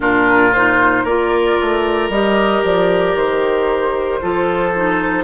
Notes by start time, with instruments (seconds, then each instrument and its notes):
0.00 bassoon A#2, clarinet D4, oboe F4, flute A#4
0.53 clarinet D#4, flute C5
1.03 bassoon A#3, clarinet F4, oboe A#4, flute D5
1.61 bassoon A3
2.09 bassoon G3, clarinet G4, flute D#5
2.63 bassoon F3, flute D5
3.14 bassoon D#3, flute C5
4.21 bassoon F3, clarinet F4, oboe A4
4.75 clarinet D#4